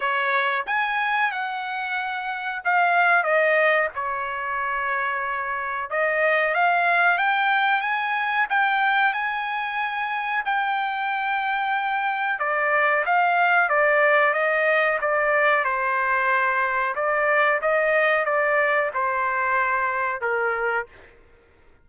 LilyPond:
\new Staff \with { instrumentName = "trumpet" } { \time 4/4 \tempo 4 = 92 cis''4 gis''4 fis''2 | f''4 dis''4 cis''2~ | cis''4 dis''4 f''4 g''4 | gis''4 g''4 gis''2 |
g''2. d''4 | f''4 d''4 dis''4 d''4 | c''2 d''4 dis''4 | d''4 c''2 ais'4 | }